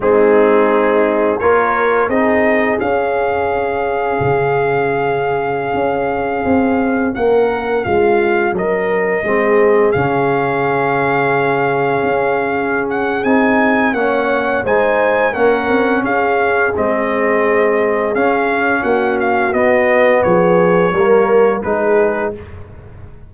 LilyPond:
<<
  \new Staff \with { instrumentName = "trumpet" } { \time 4/4 \tempo 4 = 86 gis'2 cis''4 dis''4 | f''1~ | f''2~ f''16 fis''4 f''8.~ | f''16 dis''2 f''4.~ f''16~ |
f''2~ f''8 fis''8 gis''4 | fis''4 gis''4 fis''4 f''4 | dis''2 f''4 fis''8 f''8 | dis''4 cis''2 b'4 | }
  \new Staff \with { instrumentName = "horn" } { \time 4/4 dis'2 ais'4 gis'4~ | gis'1~ | gis'2~ gis'16 ais'4 f'8.~ | f'16 ais'4 gis'2~ gis'8.~ |
gis'1 | cis''4 c''4 ais'4 gis'4~ | gis'2. fis'4~ | fis'4 gis'4 ais'4 gis'4 | }
  \new Staff \with { instrumentName = "trombone" } { \time 4/4 c'2 f'4 dis'4 | cis'1~ | cis'1~ | cis'4~ cis'16 c'4 cis'4.~ cis'16~ |
cis'2. dis'4 | cis'4 dis'4 cis'2 | c'2 cis'2 | b2 ais4 dis'4 | }
  \new Staff \with { instrumentName = "tuba" } { \time 4/4 gis2 ais4 c'4 | cis'2 cis2~ | cis16 cis'4 c'4 ais4 gis8.~ | gis16 fis4 gis4 cis4.~ cis16~ |
cis4~ cis16 cis'4.~ cis'16 c'4 | ais4 gis4 ais8 c'8 cis'4 | gis2 cis'4 ais4 | b4 f4 g4 gis4 | }
>>